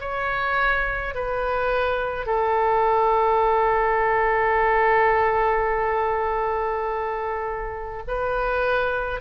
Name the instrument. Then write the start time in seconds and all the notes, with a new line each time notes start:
oboe
0.00 C#5
1.15 B4
2.26 A4
8.07 B4